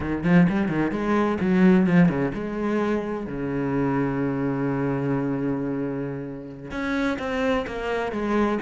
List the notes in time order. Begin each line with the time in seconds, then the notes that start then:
0.00 D#3
0.23 F3
0.49 G3
0.68 D#3
0.91 G#3
1.40 F#3
1.86 F3
2.08 C#3
2.34 G#3
3.26 C#3
6.71 C#4
7.19 C4
7.67 A#3
8.12 G#3